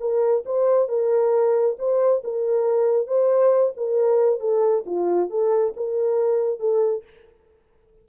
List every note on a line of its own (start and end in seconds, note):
0.00 0.44 A#4
0.46 0.88 C5
0.88 1.76 A#4
1.79 2.23 C5
2.24 3.07 A#4
3.07 3.73 C5
3.77 4.40 A#4
4.40 4.84 A4
4.86 5.30 F4
5.30 5.74 A4
5.76 6.59 A#4
6.59 7.03 A4